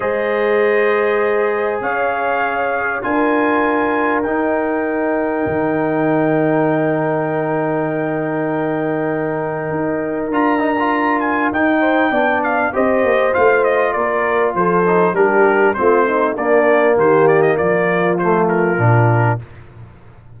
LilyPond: <<
  \new Staff \with { instrumentName = "trumpet" } { \time 4/4 \tempo 4 = 99 dis''2. f''4~ | f''4 gis''2 g''4~ | g''1~ | g''1~ |
g''4 ais''4. gis''8 g''4~ | g''8 f''8 dis''4 f''8 dis''8 d''4 | c''4 ais'4 c''4 d''4 | c''8 d''16 dis''16 d''4 c''8 ais'4. | }
  \new Staff \with { instrumentName = "horn" } { \time 4/4 c''2. cis''4~ | cis''4 ais'2.~ | ais'1~ | ais'1~ |
ais'2.~ ais'8 c''8 | d''4 c''2 ais'4 | a'4 g'4 f'8 dis'8 d'4 | g'4 f'2. | }
  \new Staff \with { instrumentName = "trombone" } { \time 4/4 gis'1~ | gis'4 f'2 dis'4~ | dis'1~ | dis'1~ |
dis'4 f'8 dis'16 f'4~ f'16 dis'4 | d'4 g'4 f'2~ | f'8 dis'8 d'4 c'4 ais4~ | ais2 a4 d'4 | }
  \new Staff \with { instrumentName = "tuba" } { \time 4/4 gis2. cis'4~ | cis'4 d'2 dis'4~ | dis'4 dis2.~ | dis1 |
dis'4 d'2 dis'4 | b4 c'8 ais8 a4 ais4 | f4 g4 a4 ais4 | dis4 f2 ais,4 | }
>>